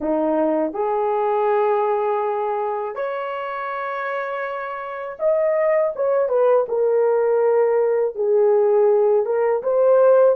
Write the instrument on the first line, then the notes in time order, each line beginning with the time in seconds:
horn
0.00 D#4
0.73 G#4
2.95 C#5
5.19 D#5
5.95 C#5
6.28 B4
6.68 A#4
8.15 G#4
9.25 A#4
9.63 C5